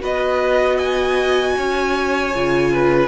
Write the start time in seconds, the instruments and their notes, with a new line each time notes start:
0.00 cello B3, viola F#4, violin B4 D#5
0.77 violin D#5 G#5
1.57 cello C#4, violin C#5
2.35 cello C#3, viola F4
2.72 violin B4